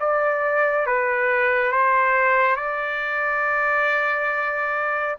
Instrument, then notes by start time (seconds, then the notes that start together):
trumpet
0.00 D5
0.87 B4
1.72 C5
2.56 D5